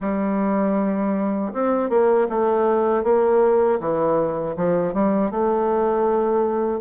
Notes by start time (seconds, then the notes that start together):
0.00 G3
1.53 C4
1.89 A#3
2.29 A3
3.03 A#3
3.79 E3
4.56 F3
4.93 G3
5.31 A3